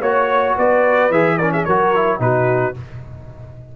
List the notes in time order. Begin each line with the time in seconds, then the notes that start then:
0.00 A#3 F#4 C#5
0.55 B3 B4 D5
1.10 E3 G#4 E5
1.37 C#4 A#4 D5
1.52 G#4 E5
1.64 F#3 F#4 A#4 C#5
1.95 E4
2.19 B2 D#4 F#4 B4